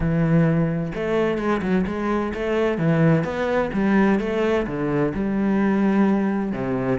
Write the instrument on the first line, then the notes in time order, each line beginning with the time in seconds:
cello
0.00 E3
0.94 A3
1.38 G#3
1.62 F#3
1.86 G#3
2.33 A3
2.78 E3
3.24 B3
3.73 G3
4.19 A3
4.66 D3
5.14 G3
6.52 C3